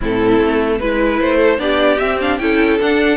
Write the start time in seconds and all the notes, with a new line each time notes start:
0.00 A2 C4 E4 A4
0.39 A3
0.79 G#3 E4 B4
1.20 A3 C5
1.36 A4
1.58 B3 D4 G4 D5
1.98 C4 E5
2.20 D4 F5
2.38 C#4 E4 A4 G5
2.80 D4 F#5